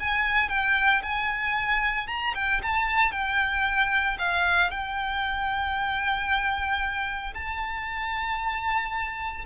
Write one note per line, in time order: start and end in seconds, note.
0.00 0.49 G#5
0.49 1.02 G5
1.03 2.08 G#5
2.08 2.34 A#5
2.35 2.61 G5
2.63 3.12 A5
3.12 4.18 G5
4.19 4.71 F5
4.71 7.34 G5
7.35 9.45 A5